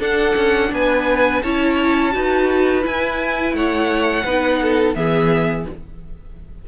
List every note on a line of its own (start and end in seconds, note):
0.00 0.35 D4
0.00 1.44 D4
0.00 0.71 A4
0.00 0.73 F#5
0.37 0.72 C#4
0.72 1.43 B3
0.72 1.43 B4
0.72 1.43 G#5
1.43 2.15 C#4
1.43 2.12 E4
1.43 2.14 C#5
1.43 2.84 A5
2.12 2.86 D#4
2.12 2.83 F#4
2.12 3.57 B4
2.83 4.24 E4
2.83 3.54 E4
2.83 3.56 G#5
3.54 4.24 A3
3.54 4.25 C#5
3.54 4.95 F#5
4.25 4.95 B3
4.25 4.96 D#4
4.25 4.60 B4
4.62 4.98 A4
4.95 5.66 E3
4.95 5.66 B3
4.95 5.68 G#4
4.95 5.66 E5